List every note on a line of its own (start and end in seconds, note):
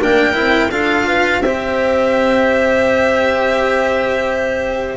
0.00 0.37 A#3
0.00 0.33 D4
0.00 0.71 A#4
0.00 0.71 G5
0.33 0.71 C4
0.33 0.69 E4
0.71 1.41 D4
0.71 1.43 F4
0.71 1.07 A4
0.71 1.42 F5
1.08 1.43 B4
1.41 4.97 C4
1.41 4.97 G4
1.41 4.97 C5
1.41 4.97 E5